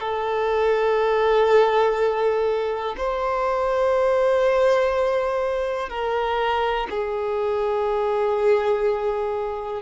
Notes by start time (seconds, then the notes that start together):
0.00 A4
2.97 C5
5.89 A#4
6.90 G#4